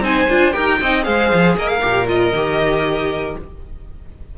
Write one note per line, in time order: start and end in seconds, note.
0.00 0.26 C4
0.00 0.28 D#4
0.00 0.53 C5
0.00 0.52 G#5
0.29 0.55 D4
0.29 0.52 F4
0.52 0.81 D#4
0.52 0.78 G4
0.52 0.79 A#4
0.52 1.03 G5
0.81 1.06 C4
0.81 1.03 D#4
0.81 1.05 D#5
1.03 1.32 G#3
1.03 1.80 G#4
1.03 1.56 C5
1.03 1.55 F5
1.33 1.56 F3
1.56 1.81 A#3
1.56 3.37 A#4
1.56 1.68 D#5
1.68 2.06 F5
1.81 2.32 A#2
1.81 2.07 G4
2.07 2.32 F4
2.07 3.37 D#5
2.32 3.35 D#3
2.32 3.38 G4